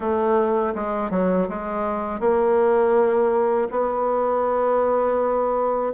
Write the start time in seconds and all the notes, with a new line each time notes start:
0.00 A3
0.74 G#3
1.10 F#3
1.48 G#3
2.20 A#3
3.70 B3